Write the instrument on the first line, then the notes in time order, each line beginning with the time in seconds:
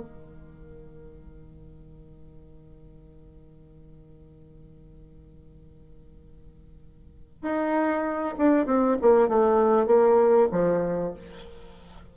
bassoon
0.00 D#3
7.43 D#4
8.38 D4
8.66 C4
9.02 A#3
9.29 A3
9.87 A#3
10.52 F3